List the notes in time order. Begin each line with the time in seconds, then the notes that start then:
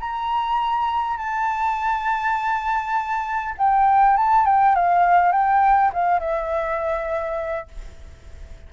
0.00 A#5
1.18 A5
3.58 G5
4.17 A5
4.46 G5
4.76 F5
5.32 G5
5.94 F5
6.20 E5